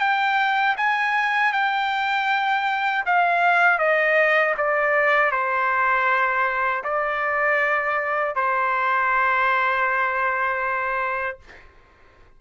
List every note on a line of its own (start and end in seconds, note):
0.00 0.76 G5
0.77 1.53 G#5
1.53 3.04 G5
3.06 3.79 F5
3.79 4.55 D#5
4.57 5.32 D5
5.32 6.84 C5
6.84 8.35 D5
8.35 11.39 C5